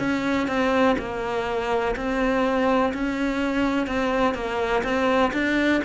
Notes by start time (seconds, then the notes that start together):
0.00 C#4
0.48 C4
0.99 A#3
1.97 C4
2.94 C#4
3.88 C4
4.35 A#3
4.84 C4
5.34 D4